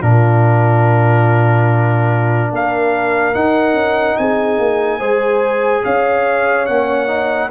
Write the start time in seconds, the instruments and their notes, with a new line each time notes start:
0.00 tuba A#2, trombone D4, horn F4, trumpet A#4
2.51 tuba A#3, horn A#4, trumpet F5
3.34 trombone D#4, tuba D#4, trumpet F#5
3.73 tuba C#4
4.17 tuba C4, horn G#4, trumpet G#5
4.59 tuba A#3
4.99 tuba G#3, trombone G#4, horn C5
5.84 tuba C#4, horn C#5, trumpet F5
6.66 tuba A#3, trombone C#4, trumpet F#5
7.07 trombone D#4